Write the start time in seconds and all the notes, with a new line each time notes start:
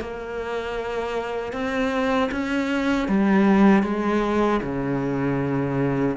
0.00 A#3
1.52 C4
2.31 C#4
3.08 G3
3.83 G#3
4.62 C#3